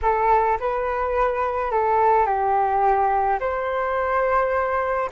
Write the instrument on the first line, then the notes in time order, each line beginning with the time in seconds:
flute
0.02 A4
0.60 B4
1.71 A4
2.26 G4
3.40 C5